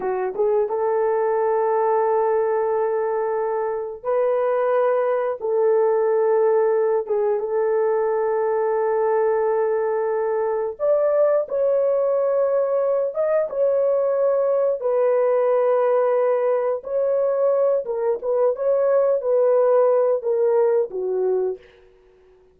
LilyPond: \new Staff \with { instrumentName = "horn" } { \time 4/4 \tempo 4 = 89 fis'8 gis'8 a'2.~ | a'2 b'2 | a'2~ a'8 gis'8 a'4~ | a'1 |
d''4 cis''2~ cis''8 dis''8 | cis''2 b'2~ | b'4 cis''4. ais'8 b'8 cis''8~ | cis''8 b'4. ais'4 fis'4 | }